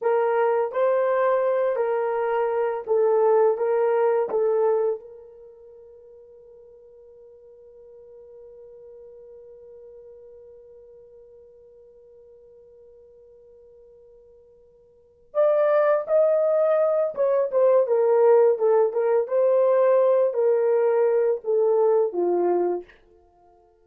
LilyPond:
\new Staff \with { instrumentName = "horn" } { \time 4/4 \tempo 4 = 84 ais'4 c''4. ais'4. | a'4 ais'4 a'4 ais'4~ | ais'1~ | ais'1~ |
ais'1~ | ais'4. d''4 dis''4. | cis''8 c''8 ais'4 a'8 ais'8 c''4~ | c''8 ais'4. a'4 f'4 | }